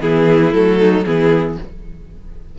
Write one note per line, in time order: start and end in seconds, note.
0.00 0.53 E3
0.00 0.52 B3
0.00 0.79 E4
0.00 0.54 G#4
0.52 1.05 F#3
0.52 1.04 A3
0.52 1.06 A4
0.79 1.05 D#4
1.06 1.58 E3
1.06 1.59 B3
1.06 1.59 E4
1.06 1.58 G#4